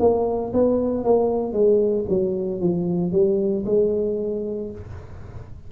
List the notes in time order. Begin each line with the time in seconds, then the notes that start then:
0.00 A#3
0.54 B3
1.05 A#3
1.53 G#3
2.09 F#3
2.61 F3
3.12 G3
3.66 G#3